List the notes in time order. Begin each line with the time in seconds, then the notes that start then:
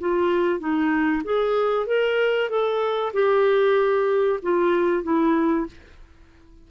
0.00 F4
0.59 D#4
1.24 G#4
1.86 A#4
2.49 A4
3.13 G4
4.42 F4
5.03 E4